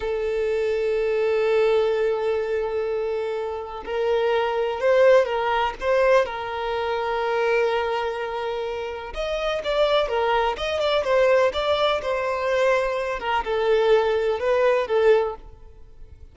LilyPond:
\new Staff \with { instrumentName = "violin" } { \time 4/4 \tempo 4 = 125 a'1~ | a'1 | ais'2 c''4 ais'4 | c''4 ais'2.~ |
ais'2. dis''4 | d''4 ais'4 dis''8 d''8 c''4 | d''4 c''2~ c''8 ais'8 | a'2 b'4 a'4 | }